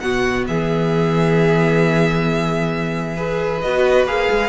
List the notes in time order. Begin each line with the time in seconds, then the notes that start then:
0.00 B2 B3 F#4 F#5
0.48 E3 G#4 E5
3.17 G#4 B4
3.61 B3 F#4 D#5
4.06 A#3 G#4 F5
4.31 G#3